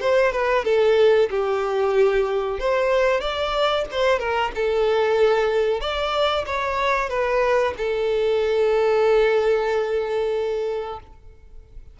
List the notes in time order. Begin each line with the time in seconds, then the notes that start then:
0.00 C5
0.32 B4
0.65 A4
1.30 G4
2.59 C5
3.21 D5
3.91 C5
4.19 A#4
4.55 A4
5.80 D5
6.46 C#5
7.09 B4
7.77 A4